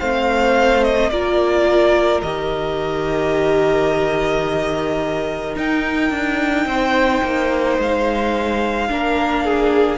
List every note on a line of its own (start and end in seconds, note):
0.00 1.11 A3
0.00 1.13 C4
0.00 1.11 C5
0.00 0.84 F5
0.84 1.10 D#5
1.10 2.22 A#3
1.10 2.24 F4
1.10 6.66 A#4
1.10 2.21 D5
2.22 5.56 D#3
2.22 5.56 G4
2.22 5.56 D#5
5.56 6.11 D#4
5.56 8.90 D#4
5.56 7.81 G5
6.11 6.66 D4
6.66 7.22 C4
6.66 8.89 C5
7.23 7.78 A#3
7.78 8.90 G#3
7.78 9.99 F5
8.90 9.99 A#3
8.90 9.99 D4
8.90 9.45 A#4
9.45 9.99 G#4